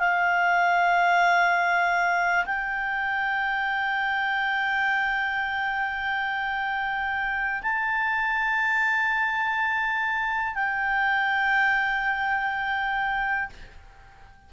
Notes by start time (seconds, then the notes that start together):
0.00 F5
2.46 G5
7.63 A5
10.55 G5